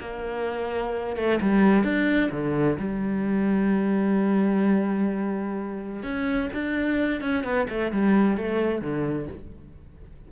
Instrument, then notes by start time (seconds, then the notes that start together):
cello
0.00 A#3
1.16 A3
1.41 G3
1.84 D4
2.31 D3
2.78 G3
6.03 C#4
6.53 D4
7.21 C#4
7.44 B3
7.69 A3
7.92 G3
8.37 A3
8.81 D3